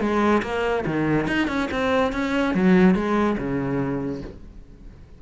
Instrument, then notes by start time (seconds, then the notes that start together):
cello
0.00 G#3
0.42 A#3
0.86 D#3
1.27 D#4
1.48 C#4
1.71 C4
2.12 C#4
2.54 F#3
2.95 G#3
3.38 C#3